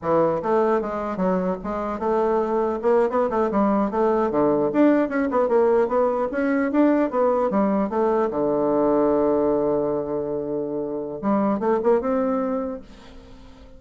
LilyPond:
\new Staff \with { instrumentName = "bassoon" } { \time 4/4 \tempo 4 = 150 e4 a4 gis4 fis4 | gis4 a2 ais8. b16~ | b16 a8 g4 a4 d4 d'16~ | d'8. cis'8 b8 ais4 b4 cis'16~ |
cis'8. d'4 b4 g4 a16~ | a8. d2.~ d16~ | d1 | g4 a8 ais8 c'2 | }